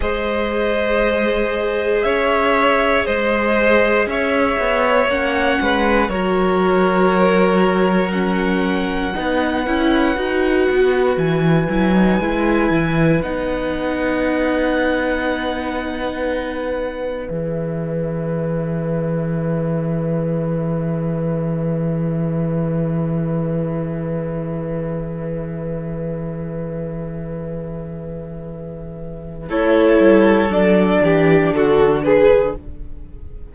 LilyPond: <<
  \new Staff \with { instrumentName = "violin" } { \time 4/4 \tempo 4 = 59 dis''2 e''4 dis''4 | e''4 fis''4 cis''2 | fis''2. gis''4~ | gis''4 fis''2.~ |
fis''4 e''2.~ | e''1~ | e''1~ | e''4 cis''4 d''4 a'8 b'8 | }
  \new Staff \with { instrumentName = "violin" } { \time 4/4 c''2 cis''4 c''4 | cis''4. b'8 ais'2~ | ais'4 b'2.~ | b'1~ |
b'1~ | b'1~ | b'1~ | b'4 a'4. g'8 fis'8 gis'8 | }
  \new Staff \with { instrumentName = "viola" } { \time 4/4 gis'1~ | gis'4 cis'4 fis'2 | cis'4 dis'8 e'8 fis'4. e'16 dis'16 | e'4 dis'2.~ |
dis'4 gis'2.~ | gis'1~ | gis'1~ | gis'4 e'4 d'2 | }
  \new Staff \with { instrumentName = "cello" } { \time 4/4 gis2 cis'4 gis4 | cis'8 b8 ais8 gis8 fis2~ | fis4 b8 cis'8 dis'8 b8 e8 fis8 | gis8 e8 b2.~ |
b4 e2.~ | e1~ | e1~ | e4 a8 g8 fis8 e8 d4 | }
>>